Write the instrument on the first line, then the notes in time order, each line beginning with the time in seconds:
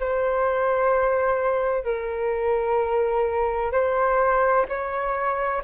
flute
0.00 C5
1.85 A#4
3.72 C5
4.69 C#5